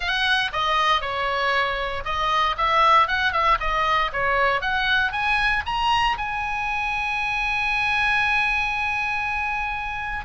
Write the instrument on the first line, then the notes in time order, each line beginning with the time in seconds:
oboe
0.00 F#5
0.53 D#5
1.01 C#5
2.04 D#5
2.57 E5
3.07 F#5
3.32 E5
3.59 D#5
4.12 C#5
4.61 F#5
5.12 G#5
5.65 A#5
6.17 G#5